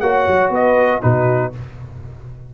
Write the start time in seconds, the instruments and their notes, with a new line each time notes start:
0.00 tuba A#3, trombone F#4, horn C#5, trumpet F#5
0.28 tuba F#3
0.50 tuba B3, horn B4, trumpet D#5
1.02 tuba B2, trombone D#4, horn F#4, trumpet B4